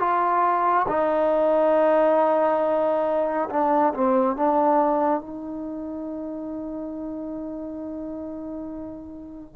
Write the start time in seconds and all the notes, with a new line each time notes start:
0.00 F4
0.89 D#4
3.50 D4
3.95 C4
4.37 D4
5.21 D#4